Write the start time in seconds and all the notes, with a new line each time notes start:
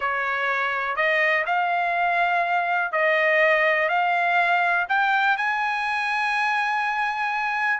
0.00 C#5
0.95 D#5
1.46 F5
2.92 D#5
3.88 F5
4.88 G5
5.37 G#5